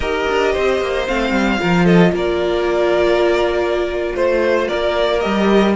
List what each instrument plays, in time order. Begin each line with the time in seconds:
0.00 cello D#4, viola G4, violin A#4 D#5
0.28 cello D4
0.53 cello C4, violin C5
0.81 cello A#3
1.07 cello A3, viola C4, violin F5
1.30 cello G3
1.58 cello F3, viola F4, violin A#4
1.84 violin A4 D#5
2.12 cello A#3, violin A#4 D5
4.15 cello A3, violin C5
4.67 cello A#3, violin A#4 D5
5.20 cello G3, viola G4, violin D#5